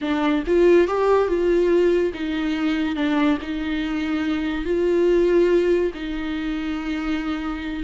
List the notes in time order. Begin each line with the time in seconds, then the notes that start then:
0.01 D4
0.46 F4
0.87 G4
1.28 F4
2.13 D#4
2.95 D4
3.41 D#4
4.64 F4
5.94 D#4